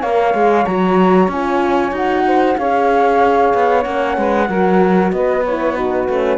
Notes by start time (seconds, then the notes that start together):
0.00 A#3 A#4 C#5 F5
0.34 G#3 G#4
0.66 F#3 F#4 A#5
1.28 C#4 F4 G#5
1.92 D#4 F#4 F#5
2.27 C5
2.58 C#4 G#4 C#5 F5
3.54 B3
3.83 A#3 C#4 F#5
4.18 G#3 B4
4.49 F#3 F#4 A#4
5.12 B3 B4 D#5
5.45 E4 C#5
5.75 D#4 F#4 B4
6.09 A3 C#4